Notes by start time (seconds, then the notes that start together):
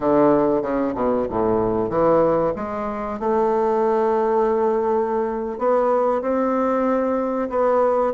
0.00 D3
0.62 C#3
0.95 B2
1.29 A2
1.89 E3
2.55 G#3
3.19 A3
5.58 B3
6.21 C4
7.49 B3